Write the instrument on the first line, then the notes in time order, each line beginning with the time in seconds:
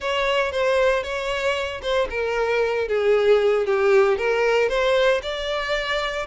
violin
0.00 C#5
0.51 C5
1.03 C#5
1.81 C5
2.09 A#4
2.88 G#4
3.65 G4
4.17 A#4
4.68 C5
5.22 D5